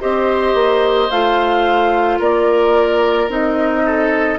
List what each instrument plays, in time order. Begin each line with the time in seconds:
0.00 bassoon C4, clarinet G4, oboe C5, flute D#5
0.54 bassoon A#3
1.10 bassoon A3, clarinet F4, flute F5
2.19 bassoon A#3, oboe A#4, flute D5
3.28 bassoon C4, clarinet D#4, flute D#5
3.85 oboe A4